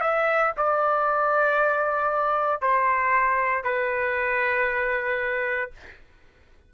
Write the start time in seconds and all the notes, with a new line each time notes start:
0.00 E5
0.56 D5
2.61 C5
3.63 B4